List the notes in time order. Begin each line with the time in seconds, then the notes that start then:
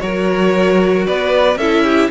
0.00 F#3 F#4 A#4 C#5
1.07 B3 B4 D5
1.56 C#4 E4 A4 E5
1.84 G4